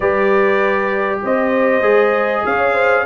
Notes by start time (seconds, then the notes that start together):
0.00 G3 G4 B4 D5
1.22 C4 C5 D#5
1.82 G#3 G#4
2.45 C#4 C#5 F5
2.73 C5